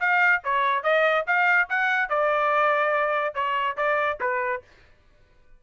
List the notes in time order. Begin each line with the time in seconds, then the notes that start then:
0.00 F5
0.44 C#5
0.83 D#5
1.26 F5
1.69 F#5
2.09 D5
3.34 C#5
3.77 D5
4.20 B4